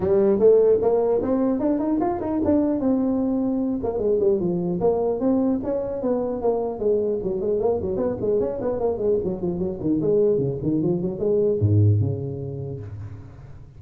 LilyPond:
\new Staff \with { instrumentName = "tuba" } { \time 4/4 \tempo 4 = 150 g4 a4 ais4 c'4 | d'8 dis'8 f'8 dis'8 d'4 c'4~ | c'4. ais8 gis8 g8 f4 | ais4 c'4 cis'4 b4 |
ais4 gis4 fis8 gis8 ais8 fis8 | b8 gis8 cis'8 b8 ais8 gis8 fis8 f8 | fis8 dis8 gis4 cis8 dis8 f8 fis8 | gis4 gis,4 cis2 | }